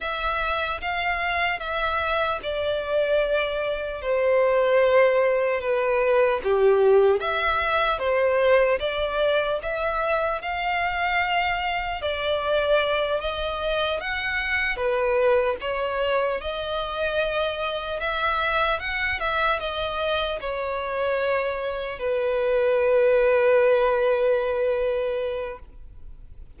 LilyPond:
\new Staff \with { instrumentName = "violin" } { \time 4/4 \tempo 4 = 75 e''4 f''4 e''4 d''4~ | d''4 c''2 b'4 | g'4 e''4 c''4 d''4 | e''4 f''2 d''4~ |
d''8 dis''4 fis''4 b'4 cis''8~ | cis''8 dis''2 e''4 fis''8 | e''8 dis''4 cis''2 b'8~ | b'1 | }